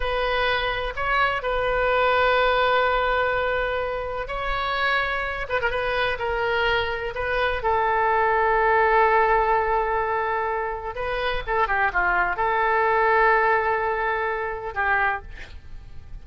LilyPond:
\new Staff \with { instrumentName = "oboe" } { \time 4/4 \tempo 4 = 126 b'2 cis''4 b'4~ | b'1~ | b'4 cis''2~ cis''8 b'16 ais'16 | b'4 ais'2 b'4 |
a'1~ | a'2. b'4 | a'8 g'8 f'4 a'2~ | a'2. g'4 | }